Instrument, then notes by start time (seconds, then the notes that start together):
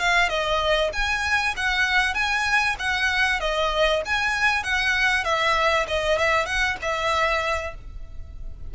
violin
0.00 F5
0.29 D#5
0.93 G#5
1.57 F#5
2.15 G#5
2.79 F#5
3.40 D#5
4.06 G#5
4.64 F#5
5.25 E5
5.88 D#5
6.19 E5
6.46 F#5
6.82 E5